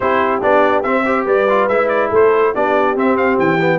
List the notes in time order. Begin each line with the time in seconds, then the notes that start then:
0.00 C4 E4 G4 C5
0.41 B3 D4 D5
0.83 C4 E5
1.05 G4 C5
1.25 G3 B4 D5
1.49 F4
1.68 G#3 E4 E5
1.88 D5
2.09 A3 A4 C5
2.54 B3 D4 G4 D5
2.95 C4 E5
3.16 F5
3.38 E3 G5
3.60 B3